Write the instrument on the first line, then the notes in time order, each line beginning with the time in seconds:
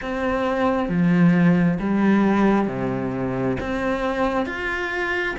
cello
0.01 C4
0.88 F3
1.79 G3
2.67 C3
3.59 C4
4.46 F4